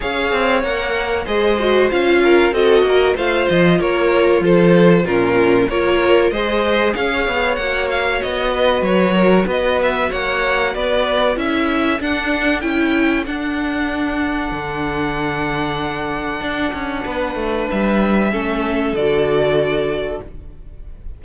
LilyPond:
<<
  \new Staff \with { instrumentName = "violin" } { \time 4/4 \tempo 4 = 95 f''4 fis''4 dis''4 f''4 | dis''4 f''8 dis''8 cis''4 c''4 | ais'4 cis''4 dis''4 f''4 | fis''8 f''8 dis''4 cis''4 dis''8 e''8 |
fis''4 d''4 e''4 fis''4 | g''4 fis''2.~ | fis''1 | e''2 d''2 | }
  \new Staff \with { instrumentName = "violin" } { \time 4/4 cis''2 c''4. ais'8 | a'8 ais'8 c''4 ais'4 a'4 | f'4 ais'4 c''4 cis''4~ | cis''4. b'4 ais'8 b'4 |
cis''4 b'4 a'2~ | a'1~ | a'2. b'4~ | b'4 a'2. | }
  \new Staff \with { instrumentName = "viola" } { \time 4/4 gis'4 ais'4 gis'8 fis'8 f'4 | fis'4 f'2. | cis'4 f'4 gis'2 | fis'1~ |
fis'2 e'4 d'4 | e'4 d'2.~ | d'1~ | d'4 cis'4 fis'2 | }
  \new Staff \with { instrumentName = "cello" } { \time 4/4 cis'8 c'8 ais4 gis4 cis'4 | c'8 ais8 a8 f8 ais4 f4 | ais,4 ais4 gis4 cis'8 b8 | ais4 b4 fis4 b4 |
ais4 b4 cis'4 d'4 | cis'4 d'2 d4~ | d2 d'8 cis'8 b8 a8 | g4 a4 d2 | }
>>